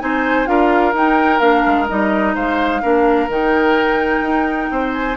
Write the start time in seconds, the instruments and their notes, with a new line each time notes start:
0.00 bassoon C4, clarinet D#4, oboe C5, flute G#5
0.46 bassoon D4, clarinet F4, oboe A#4, flute F5
0.94 bassoon D#4, clarinet D#4, flute G5
1.40 bassoon A#3, clarinet D4, flute F5
1.66 bassoon G#3
1.88 bassoon G3, clarinet D#4, flute D#5
2.35 bassoon G#3, oboe C5, flute F5
2.82 bassoon A#3, clarinet D4, oboe A#4
3.29 bassoon D#3, clarinet D#4, flute G5
4.21 bassoon D#4
4.71 bassoon C4, oboe C5
4.93 flute G#5